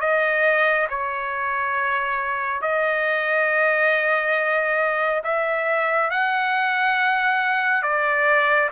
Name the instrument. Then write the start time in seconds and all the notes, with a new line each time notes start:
trumpet
0.00 D#5
0.89 C#5
2.61 D#5
5.23 E5
6.10 F#5
7.82 D5